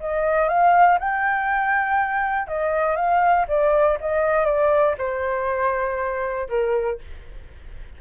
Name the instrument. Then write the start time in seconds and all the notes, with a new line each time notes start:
flute
0.00 D#5
0.48 F5
0.99 G5
2.48 D#5
2.96 F5
3.48 D5
4.00 D#5
4.45 D5
4.98 C5
6.49 A#4